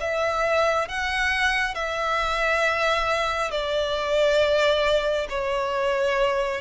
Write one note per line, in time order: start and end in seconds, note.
0.00 0.88 E5
0.88 1.74 F#5
1.74 3.51 E5
3.51 5.27 D5
5.29 6.61 C#5